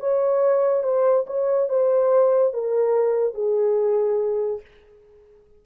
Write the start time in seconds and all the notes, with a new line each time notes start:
0.00 C#5
0.83 C5
1.27 C#5
1.69 C5
2.53 A#4
3.34 G#4